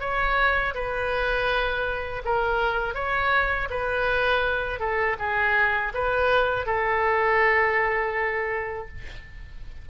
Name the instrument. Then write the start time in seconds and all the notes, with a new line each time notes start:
oboe
0.00 C#5
0.74 B4
2.25 A#4
2.94 C#5
3.70 B4
4.79 A4
5.19 G#4
5.94 B4
6.66 A4